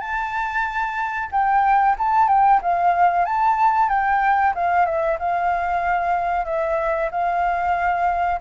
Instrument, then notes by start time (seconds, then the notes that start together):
flute
0.00 A5
1.31 G5
1.98 A5
2.28 G5
2.62 F5
3.25 A5
3.89 G5
4.55 F5
4.85 E5
5.19 F5
6.45 E5
7.11 F5